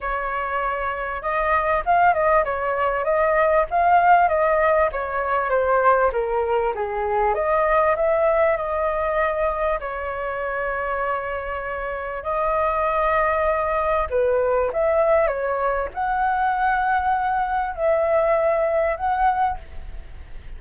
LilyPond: \new Staff \with { instrumentName = "flute" } { \time 4/4 \tempo 4 = 98 cis''2 dis''4 f''8 dis''8 | cis''4 dis''4 f''4 dis''4 | cis''4 c''4 ais'4 gis'4 | dis''4 e''4 dis''2 |
cis''1 | dis''2. b'4 | e''4 cis''4 fis''2~ | fis''4 e''2 fis''4 | }